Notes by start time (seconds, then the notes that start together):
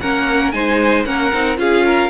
0.00 A#3 C#4 A#4 F#5
0.51 G#3 D#4 C5 G#5
1.04 A#3 C#4 A#4 F#5
1.32 C4 D#4
1.56 C#4 F4 G#4 F5
1.86 A#4